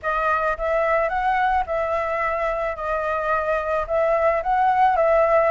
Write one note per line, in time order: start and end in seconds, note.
0.02 0.57 D#5
0.57 1.09 E5
1.09 1.64 F#5
1.66 2.75 E5
2.75 3.86 D#5
3.87 4.42 E5
4.42 4.96 F#5
4.96 5.51 E5